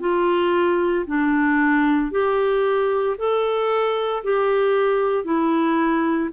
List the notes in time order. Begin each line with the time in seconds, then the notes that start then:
0.00 F4
1.06 D4
2.11 G4
3.18 A4
4.23 G4
5.24 E4